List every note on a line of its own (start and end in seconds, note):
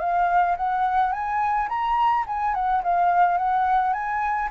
0.00 0.56 F5
0.57 1.12 F#5
1.12 1.68 G#5
1.69 2.25 A#5
2.27 2.54 G#5
2.54 2.82 F#5
2.83 3.38 F5
3.38 3.93 F#5
3.93 4.49 G#5